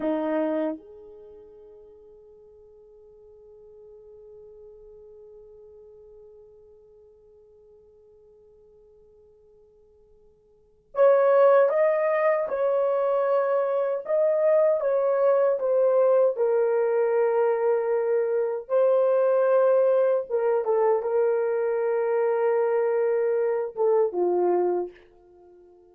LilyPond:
\new Staff \with { instrumentName = "horn" } { \time 4/4 \tempo 4 = 77 dis'4 gis'2.~ | gis'1~ | gis'1~ | gis'2 cis''4 dis''4 |
cis''2 dis''4 cis''4 | c''4 ais'2. | c''2 ais'8 a'8 ais'4~ | ais'2~ ais'8 a'8 f'4 | }